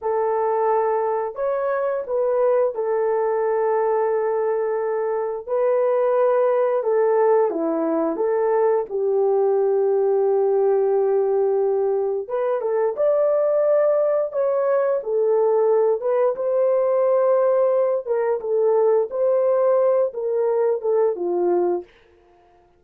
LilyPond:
\new Staff \with { instrumentName = "horn" } { \time 4/4 \tempo 4 = 88 a'2 cis''4 b'4 | a'1 | b'2 a'4 e'4 | a'4 g'2.~ |
g'2 b'8 a'8 d''4~ | d''4 cis''4 a'4. b'8 | c''2~ c''8 ais'8 a'4 | c''4. ais'4 a'8 f'4 | }